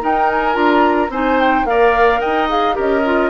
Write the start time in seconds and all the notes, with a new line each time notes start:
0.00 D#4 A#4 G5
0.30 G#5
0.52 D4 F4 A#5
1.09 C4 D#4 C5 G#5
1.39 G5
1.64 A#3 A#4 D5 F5
2.20 D#4 D#5 G5
2.49 G#4 F5
2.73 C#4 G4 A#4 D#5
3.05 F4